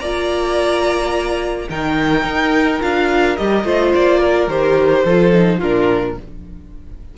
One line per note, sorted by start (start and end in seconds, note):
0.00 1.69 A#3
0.00 1.70 F4
0.00 1.69 D5
0.00 1.68 A#5
1.69 2.25 D#3
1.69 2.81 D#4
1.69 3.65 A#4
1.69 2.82 G5
2.25 2.81 D#4
2.81 3.39 D4
2.81 3.37 F4
2.81 3.37 F5
3.37 3.65 G3
3.37 3.65 G4
3.37 3.93 D#5
3.65 3.93 A3
3.65 4.49 F4
3.65 4.20 C5
3.95 4.48 A#3
3.95 4.50 D5
4.20 5.04 A#4
4.48 5.04 D#3
4.48 5.06 G4
4.48 5.62 C5
5.05 5.61 F3
5.05 5.33 F4
5.05 5.59 A4
5.33 5.61 D#4
5.59 6.18 A#2
5.59 6.18 D4
5.59 6.15 F4
5.59 6.18 A#4